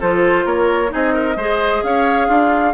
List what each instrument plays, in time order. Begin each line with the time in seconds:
0.00 bassoon F3, clarinet F4, oboe A4, flute C5
0.45 bassoon A#3, oboe A#4, flute C#5
0.88 bassoon C4, clarinet D#4, oboe G#4, flute D#5
1.13 oboe A#4
1.36 bassoon G#3, clarinet G#4, oboe C5
1.83 bassoon C#4, oboe C#5, flute F5
2.28 bassoon D4, oboe F4